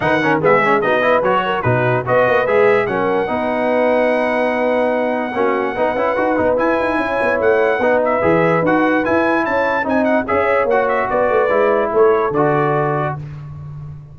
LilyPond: <<
  \new Staff \with { instrumentName = "trumpet" } { \time 4/4 \tempo 4 = 146 fis''4 e''4 dis''4 cis''4 | b'4 dis''4 e''4 fis''4~ | fis''1~ | fis''1 |
gis''2 fis''4. e''8~ | e''4 fis''4 gis''4 a''4 | gis''8 fis''8 e''4 fis''8 e''8 d''4~ | d''4 cis''4 d''2 | }
  \new Staff \with { instrumentName = "horn" } { \time 4/4 b'8 ais'8 gis'4 fis'8 b'4 ais'8 | fis'4 b'2 ais'4 | b'1~ | b'4 fis'4 b'2~ |
b'4 cis''2 b'4~ | b'2. cis''4 | dis''4 cis''2 b'4~ | b'4 a'2. | }
  \new Staff \with { instrumentName = "trombone" } { \time 4/4 dis'8 cis'8 b8 cis'8 dis'8 e'8 fis'4 | dis'4 fis'4 gis'4 cis'4 | dis'1~ | dis'4 cis'4 dis'8 e'8 fis'8 dis'8 |
e'2. dis'4 | gis'4 fis'4 e'2 | dis'4 gis'4 fis'2 | e'2 fis'2 | }
  \new Staff \with { instrumentName = "tuba" } { \time 4/4 dis4 gis4 b4 fis4 | b,4 b8 ais8 gis4 fis4 | b1~ | b4 ais4 b8 cis'8 dis'8 b8 |
e'8 dis'8 cis'8 b8 a4 b4 | e4 dis'4 e'4 cis'4 | c'4 cis'4 ais4 b8 a8 | gis4 a4 d2 | }
>>